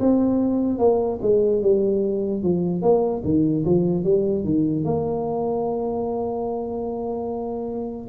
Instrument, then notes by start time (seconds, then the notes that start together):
tuba
0.00 C4
0.79 A#3
1.22 G#3
1.62 G3
2.43 F3
2.82 A#3
3.24 D#3
3.65 F3
4.04 G3
4.44 D#3
4.84 A#3